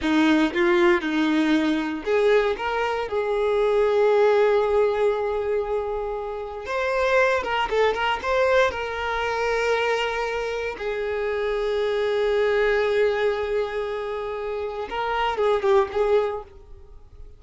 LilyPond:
\new Staff \with { instrumentName = "violin" } { \time 4/4 \tempo 4 = 117 dis'4 f'4 dis'2 | gis'4 ais'4 gis'2~ | gis'1~ | gis'4 c''4. ais'8 a'8 ais'8 |
c''4 ais'2.~ | ais'4 gis'2.~ | gis'1~ | gis'4 ais'4 gis'8 g'8 gis'4 | }